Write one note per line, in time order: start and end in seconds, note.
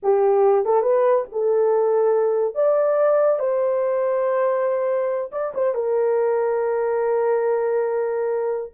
0.03 0.65 G4
0.65 0.82 A4
0.82 1.24 B4
1.32 2.54 A4
2.54 3.39 D5
3.39 5.30 C5
5.32 5.53 D5
5.54 5.74 C5
5.74 8.72 A#4